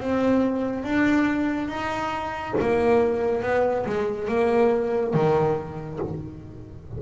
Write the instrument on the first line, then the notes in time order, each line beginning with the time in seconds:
double bass
0.00 C4
0.83 D4
1.68 D#4
2.60 A#3
3.42 B3
3.86 G#3
4.28 A#3
5.14 D#3